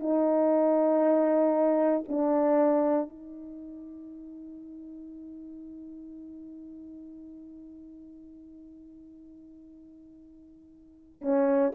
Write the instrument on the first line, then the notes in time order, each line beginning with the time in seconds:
horn
0.00 D#4
2.08 D4
3.09 D#4
11.21 C#4